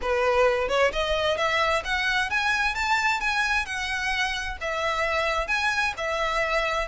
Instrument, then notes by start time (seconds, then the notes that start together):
violin
0.01 B4
0.68 C#5
0.92 D#5
1.37 E5
1.84 F#5
2.29 G#5
2.74 A5
3.20 G#5
3.65 F#5
4.60 E5
5.47 G#5
5.97 E5